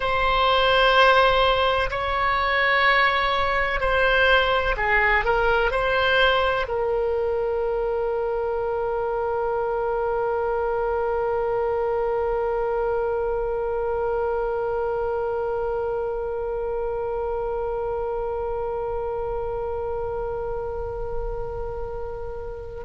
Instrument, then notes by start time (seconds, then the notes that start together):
oboe
0.00 C5
1.90 C#5
3.80 C5
4.77 G#4
5.24 A#4
5.71 C5
6.68 A#4